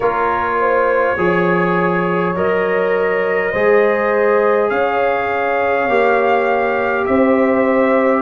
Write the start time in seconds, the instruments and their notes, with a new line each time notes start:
0.00 tuba A#3, trombone F4, horn A#4, trumpet C#5
0.60 horn C5
1.17 tuba F3, trombone G#4, horn C#5
2.35 tuba F#3, trombone A#4, trumpet D#5
3.51 tuba G#3, trombone G#4, horn C5
4.69 tuba C#4, horn C#5, trumpet F5
5.88 tuba A#3, trombone G4
7.05 tuba C4, horn C5, trumpet E5